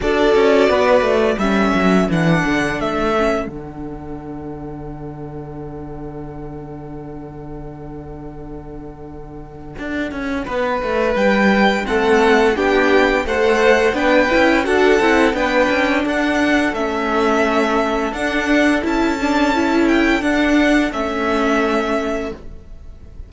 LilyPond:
<<
  \new Staff \with { instrumentName = "violin" } { \time 4/4 \tempo 4 = 86 d''2 e''4 fis''4 | e''4 fis''2.~ | fis''1~ | fis''1 |
g''4 fis''4 g''4 fis''4 | g''4 fis''4 g''4 fis''4 | e''2 fis''4 a''4~ | a''8 g''8 fis''4 e''2 | }
  \new Staff \with { instrumentName = "violin" } { \time 4/4 a'4 b'4 a'2~ | a'1~ | a'1~ | a'2. b'4~ |
b'4 a'4 g'4 c''4 | b'4 a'4 b'4 a'4~ | a'1~ | a'1 | }
  \new Staff \with { instrumentName = "viola" } { \time 4/4 fis'2 cis'4 d'4~ | d'8 cis'8 d'2.~ | d'1~ | d'1~ |
d'4 c'4 d'4 a'4 | d'8 e'8 fis'8 e'8 d'2 | cis'2 d'4 e'8 d'8 | e'4 d'4 cis'2 | }
  \new Staff \with { instrumentName = "cello" } { \time 4/4 d'8 cis'8 b8 a8 g8 fis8 e8 d8 | a4 d2.~ | d1~ | d2 d'8 cis'8 b8 a8 |
g4 a4 b4 a4 | b8 cis'8 d'8 c'8 b8 cis'8 d'4 | a2 d'4 cis'4~ | cis'4 d'4 a2 | }
>>